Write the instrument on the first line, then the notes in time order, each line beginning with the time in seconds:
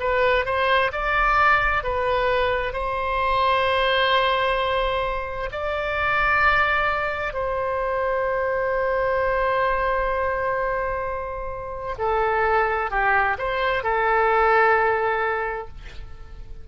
oboe
0.00 B4
0.46 C5
0.92 D5
1.83 B4
2.73 C5
5.52 D5
7.34 C5
11.99 A4
12.91 G4
13.38 C5
13.83 A4